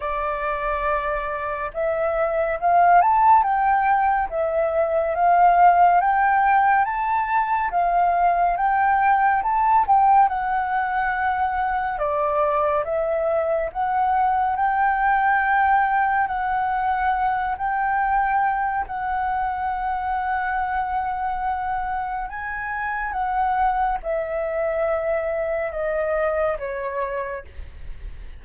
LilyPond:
\new Staff \with { instrumentName = "flute" } { \time 4/4 \tempo 4 = 70 d''2 e''4 f''8 a''8 | g''4 e''4 f''4 g''4 | a''4 f''4 g''4 a''8 g''8 | fis''2 d''4 e''4 |
fis''4 g''2 fis''4~ | fis''8 g''4. fis''2~ | fis''2 gis''4 fis''4 | e''2 dis''4 cis''4 | }